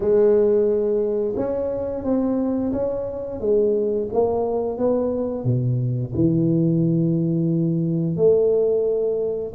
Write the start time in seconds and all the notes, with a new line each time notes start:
0.00 G#3
1.36 C#4
2.04 C4
2.72 C#4
3.40 G#3
4.12 A#3
4.77 B3
5.44 B2
6.15 E3
8.16 A3